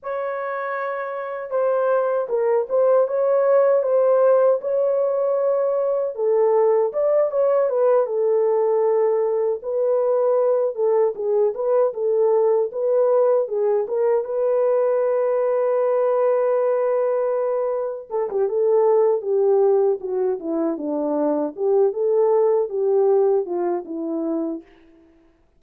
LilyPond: \new Staff \with { instrumentName = "horn" } { \time 4/4 \tempo 4 = 78 cis''2 c''4 ais'8 c''8 | cis''4 c''4 cis''2 | a'4 d''8 cis''8 b'8 a'4.~ | a'8 b'4. a'8 gis'8 b'8 a'8~ |
a'8 b'4 gis'8 ais'8 b'4.~ | b'2.~ b'8 a'16 g'16 | a'4 g'4 fis'8 e'8 d'4 | g'8 a'4 g'4 f'8 e'4 | }